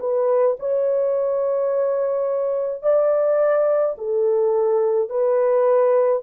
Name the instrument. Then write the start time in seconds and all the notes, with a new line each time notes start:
horn
0.00 B4
0.60 C#5
2.83 D5
3.98 A4
5.09 B4